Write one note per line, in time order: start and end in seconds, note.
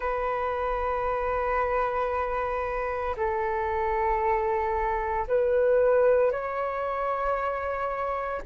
0.00 3.15 B4
3.16 5.27 A4
5.27 6.31 B4
6.31 8.42 C#5